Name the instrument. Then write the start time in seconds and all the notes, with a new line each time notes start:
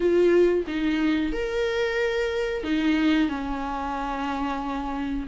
viola
0.00 F4
0.67 D#4
1.32 A#4
2.63 D#4
3.28 C#4